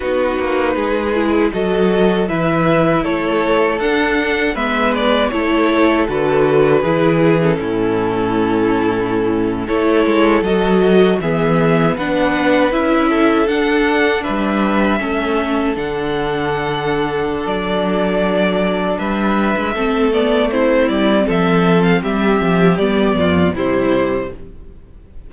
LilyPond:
<<
  \new Staff \with { instrumentName = "violin" } { \time 4/4 \tempo 4 = 79 b'2 dis''4 e''4 | cis''4 fis''4 e''8 d''8 cis''4 | b'4.~ b'16 a'2~ a'16~ | a'8. cis''4 dis''4 e''4 fis''16~ |
fis''8. e''4 fis''4 e''4~ e''16~ | e''8. fis''2~ fis''16 d''4~ | d''4 e''4. d''8 c''8 d''8 | e''8. f''16 e''4 d''4 c''4 | }
  \new Staff \with { instrumentName = "violin" } { \time 4/4 fis'4 gis'4 a'4 b'4 | a'2 b'4 a'4~ | a'4 gis'4 e'2~ | e'8. a'2 gis'4 b'16~ |
b'4~ b'16 a'4. b'4 a'16~ | a'1~ | a'4 b'4 a'4 e'4 | a'4 g'4. f'8 e'4 | }
  \new Staff \with { instrumentName = "viola" } { \time 4/4 dis'4. e'8 fis'4 e'4~ | e'4 d'4 b4 e'4 | fis'4 e'8. cis'2~ cis'16~ | cis'8. e'4 fis'4 b4 d'16~ |
d'8. e'4 d'2 cis'16~ | cis'8. d'2.~ d'16~ | d'2 c'8 b8 c'4~ | c'2 b4 g4 | }
  \new Staff \with { instrumentName = "cello" } { \time 4/4 b8 ais8 gis4 fis4 e4 | a4 d'4 gis4 a4 | d4 e4 a,2~ | a,8. a8 gis8 fis4 e4 b16~ |
b8. cis'4 d'4 g4 a16~ | a8. d2~ d16 fis4~ | fis4 g8. gis16 a4. g8 | f4 g8 f8 g8 f,8 c4 | }
>>